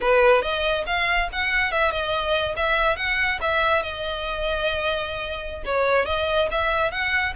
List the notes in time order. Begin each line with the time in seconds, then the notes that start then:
0.00 B4
0.42 D#5
0.86 F5
1.32 F#5
1.71 E5
1.91 D#5
2.56 E5
2.96 F#5
3.41 E5
3.82 D#5
5.65 C#5
6.05 D#5
6.51 E5
6.91 F#5